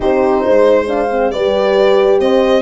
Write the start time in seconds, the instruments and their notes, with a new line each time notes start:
0.00 tuba C4, horn D#4 G4, violin C5
0.44 tuba G#3, horn C5
0.87 horn D4 F5
1.10 horn C4
1.31 tuba G3, horn G4 B4, violin D5
2.20 tuba C4, horn C5, violin D#5